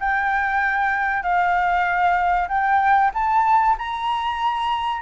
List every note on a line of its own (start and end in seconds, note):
0.00 1.23 G5
1.23 2.48 F5
2.49 3.11 G5
3.14 3.76 A5
3.78 5.01 A#5